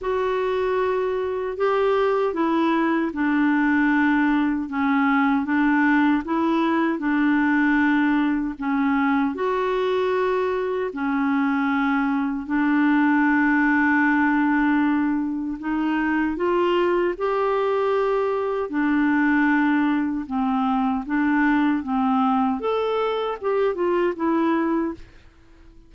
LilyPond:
\new Staff \with { instrumentName = "clarinet" } { \time 4/4 \tempo 4 = 77 fis'2 g'4 e'4 | d'2 cis'4 d'4 | e'4 d'2 cis'4 | fis'2 cis'2 |
d'1 | dis'4 f'4 g'2 | d'2 c'4 d'4 | c'4 a'4 g'8 f'8 e'4 | }